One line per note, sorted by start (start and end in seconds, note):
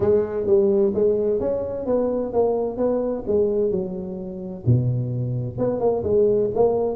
0.00 0.46 G#3
0.46 0.92 G3
0.94 1.40 G#3
1.40 1.86 C#4
1.86 2.32 B3
2.33 2.77 A#3
2.77 3.23 B3
3.27 3.71 G#3
3.71 4.64 F#3
4.66 5.58 B2
5.58 5.79 B3
5.79 6.03 A#3
6.03 6.50 G#3
6.55 6.96 A#3